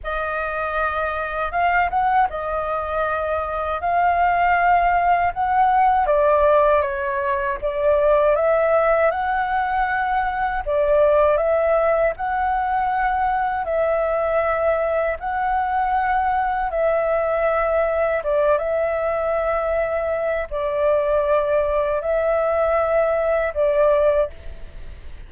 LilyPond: \new Staff \with { instrumentName = "flute" } { \time 4/4 \tempo 4 = 79 dis''2 f''8 fis''8 dis''4~ | dis''4 f''2 fis''4 | d''4 cis''4 d''4 e''4 | fis''2 d''4 e''4 |
fis''2 e''2 | fis''2 e''2 | d''8 e''2~ e''8 d''4~ | d''4 e''2 d''4 | }